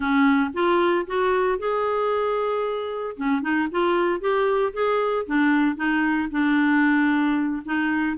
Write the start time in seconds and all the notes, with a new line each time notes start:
0.00 C#4
0.53 F4
1.06 F#4
1.58 G#4
3.16 C#4
3.41 D#4
3.71 F4
4.20 G4
4.73 G#4
5.26 D4
5.76 D#4
6.31 D4
7.65 D#4